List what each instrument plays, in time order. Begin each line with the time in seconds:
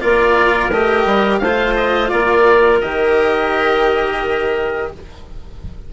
0.00 bassoon A#3, cello F4, clarinet A#4, oboe D5
0.70 bassoon A3, cello G4, oboe D#5
1.05 bassoon G3
1.39 bassoon A3, clarinet C5, oboe F5
1.45 cello F4
1.76 oboe D#5
2.09 bassoon A#3, clarinet A#4, oboe D5
2.81 bassoon D#3, cello G4, oboe D#5